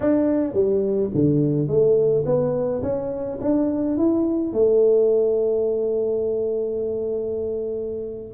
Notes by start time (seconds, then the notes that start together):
0.00 D4
0.53 G3
1.14 D3
1.67 A3
2.25 B3
2.82 C#4
3.40 D4
3.97 E4
4.52 A3